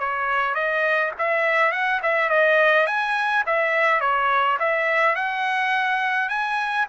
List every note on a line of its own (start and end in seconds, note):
0.00 0.55 C#5
0.55 1.12 D#5
1.19 1.72 E5
1.72 2.01 F#5
2.03 2.30 E5
2.30 2.87 D#5
2.87 3.44 G#5
3.47 4.01 E5
4.01 4.58 C#5
4.60 5.16 E5
5.16 6.29 F#5
6.29 6.86 G#5